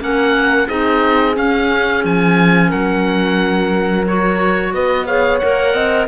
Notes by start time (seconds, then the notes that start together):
0.00 A#3 C#4 A#4 F#5
0.68 C4 D#4 G#4 D#5
1.35 C#4 F5
2.05 F3 G#5
2.70 F#3 A#4 F#5
4.07 F#4 C#5
4.74 B3 B4 D#5
5.07 G#4 C#5 F5
5.39 A#3 A#4 F#5
5.74 C4 D#5